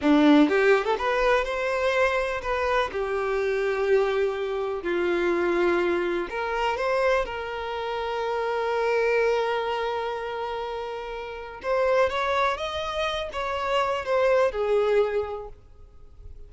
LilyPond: \new Staff \with { instrumentName = "violin" } { \time 4/4 \tempo 4 = 124 d'4 g'8. a'16 b'4 c''4~ | c''4 b'4 g'2~ | g'2 f'2~ | f'4 ais'4 c''4 ais'4~ |
ais'1~ | ais'1 | c''4 cis''4 dis''4. cis''8~ | cis''4 c''4 gis'2 | }